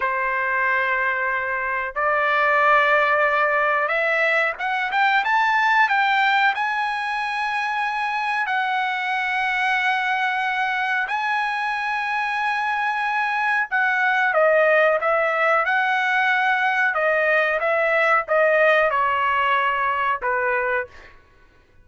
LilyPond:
\new Staff \with { instrumentName = "trumpet" } { \time 4/4 \tempo 4 = 92 c''2. d''4~ | d''2 e''4 fis''8 g''8 | a''4 g''4 gis''2~ | gis''4 fis''2.~ |
fis''4 gis''2.~ | gis''4 fis''4 dis''4 e''4 | fis''2 dis''4 e''4 | dis''4 cis''2 b'4 | }